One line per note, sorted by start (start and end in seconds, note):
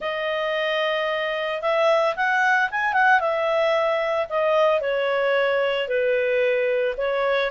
0.00 1.61 D#5
1.61 2.15 E5
2.16 2.69 F#5
2.71 2.93 G#5
2.93 3.19 F#5
3.19 4.27 E5
4.29 4.81 D#5
4.81 5.88 C#5
5.88 6.95 B4
6.97 7.50 C#5